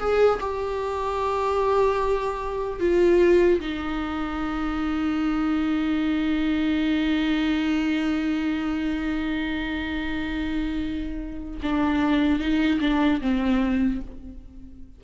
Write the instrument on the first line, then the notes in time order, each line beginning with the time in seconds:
viola
0.00 G#4
0.41 G4
2.80 F4
3.61 D#4
11.63 D4
12.40 D#4
12.81 D4
13.21 C4